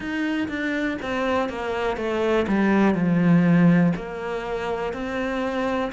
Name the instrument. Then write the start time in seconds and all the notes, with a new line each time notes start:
cello
0.00 D#4
0.48 D4
1.01 C4
1.49 A#3
1.97 A3
2.47 G3
2.94 F3
3.96 A#3
4.93 C4